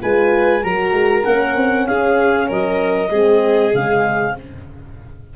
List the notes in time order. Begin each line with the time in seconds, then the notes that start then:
0.00 G#3 F4 B4 G#5
0.63 F#3 F#4 A#4 A#5
0.92 G#3
1.24 A#3 C#4 F#5
1.56 C4
1.86 C#4 G#4 F5
2.48 F#3 A#4 D#5
3.10 G#3 C4 G#4
3.73 C#3 G#3 F5